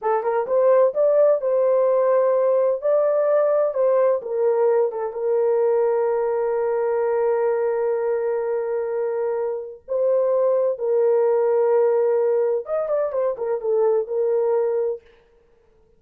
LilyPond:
\new Staff \with { instrumentName = "horn" } { \time 4/4 \tempo 4 = 128 a'8 ais'8 c''4 d''4 c''4~ | c''2 d''2 | c''4 ais'4. a'8 ais'4~ | ais'1~ |
ais'1~ | ais'4 c''2 ais'4~ | ais'2. dis''8 d''8 | c''8 ais'8 a'4 ais'2 | }